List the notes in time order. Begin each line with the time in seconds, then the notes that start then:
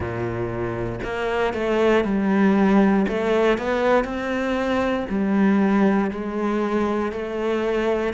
0.00 A#2
1.04 A#3
1.53 A3
2.04 G3
3.07 A3
3.57 B3
4.04 C4
5.08 G3
6.10 G#3
7.12 A3